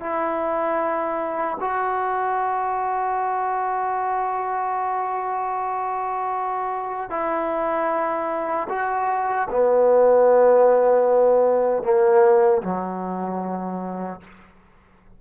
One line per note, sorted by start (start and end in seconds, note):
0.00 1.58 E4
1.61 7.10 F#4
7.10 8.68 E4
8.70 9.49 F#4
9.50 11.83 B3
11.83 12.62 A#3
12.63 14.21 F#3